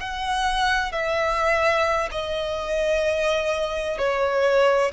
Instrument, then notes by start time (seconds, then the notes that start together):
violin
0.00 F#5
0.92 E5
2.11 D#5
3.98 C#5